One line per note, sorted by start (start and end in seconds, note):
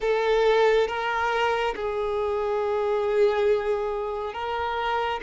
0.00 0.87 A4
0.87 1.74 A#4
1.75 4.33 G#4
4.33 5.20 A#4